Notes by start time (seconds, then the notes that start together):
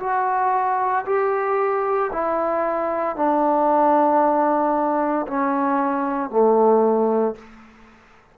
0.00 F#4
1.06 G4
2.13 E4
3.16 D4
5.28 C#4
6.31 A3